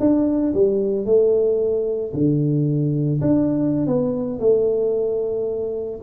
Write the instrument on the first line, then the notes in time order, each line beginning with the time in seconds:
tuba
0.00 D4
0.54 G3
1.06 A3
2.14 D3
3.21 D4
3.87 B3
4.40 A3